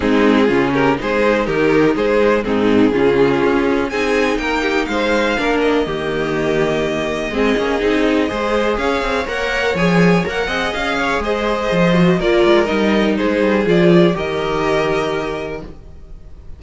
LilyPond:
<<
  \new Staff \with { instrumentName = "violin" } { \time 4/4 \tempo 4 = 123 gis'4. ais'8 c''4 ais'4 | c''4 gis'2. | gis''4 g''4 f''4. dis''8~ | dis''1~ |
dis''2 f''4 fis''4 | gis''4 fis''4 f''4 dis''4~ | dis''4 d''4 dis''4 c''4 | d''4 dis''2. | }
  \new Staff \with { instrumentName = "violin" } { \time 4/4 dis'4 f'8 g'8 gis'4 g'4 | gis'4 dis'4 f'2 | gis'4 ais'8 g'8 c''4 ais'4 | g'2. gis'4~ |
gis'4 c''4 cis''2~ | cis''4. dis''4 cis''8 c''4~ | c''4 ais'2 gis'4~ | gis'4 ais'2. | }
  \new Staff \with { instrumentName = "viola" } { \time 4/4 c'4 cis'4 dis'2~ | dis'4 c'4 cis'2 | dis'2. d'4 | ais2. c'8 cis'8 |
dis'4 gis'2 ais'4 | gis'4 ais'8 gis'2~ gis'8~ | gis'8 fis'8 f'4 dis'2 | f'4 g'2. | }
  \new Staff \with { instrumentName = "cello" } { \time 4/4 gis4 cis4 gis4 dis4 | gis4 gis,4 cis4 cis'4 | c'4 ais4 gis4 ais4 | dis2. gis8 ais8 |
c'4 gis4 cis'8 c'8 ais4 | f4 ais8 c'8 cis'4 gis4 | f4 ais8 gis8 g4 gis8 g8 | f4 dis2. | }
>>